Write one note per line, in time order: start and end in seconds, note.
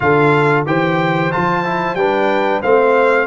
0.00 0.65 D3
0.00 0.66 F4
0.00 0.67 A4
0.00 0.64 F5
0.65 1.31 E3
0.65 1.31 G4
0.65 1.98 C5
0.65 1.32 G5
1.31 1.94 F3
1.31 1.64 F4
1.31 1.95 A5
1.64 1.97 E4
1.94 2.60 G3
1.94 2.63 D4
1.94 2.60 B4
1.94 2.61 G5
2.60 3.27 A3
2.60 3.27 C4
2.60 3.26 C5
2.60 3.27 F5